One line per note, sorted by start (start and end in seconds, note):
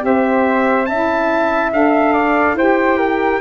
0.00 0.88 C4
0.00 0.85 G4
0.00 0.88 C5
0.00 0.86 E5
0.86 1.72 C#4
0.86 2.12 E5
0.86 1.70 A5
0.92 1.73 E4
1.72 2.54 D4
1.72 2.57 A4
1.72 2.57 F5
2.12 2.55 D5
2.54 3.38 E4
2.54 3.41 G4
2.54 2.97 C5
2.54 3.41 G5
2.97 3.39 A#4